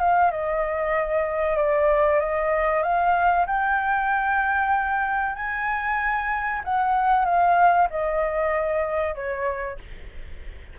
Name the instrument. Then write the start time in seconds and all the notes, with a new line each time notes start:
flute
0.00 F5
0.32 D#5
1.57 D5
2.20 D#5
2.83 F5
3.47 G5
5.36 G#5
6.65 F#5
7.26 F5
7.91 D#5
9.16 C#5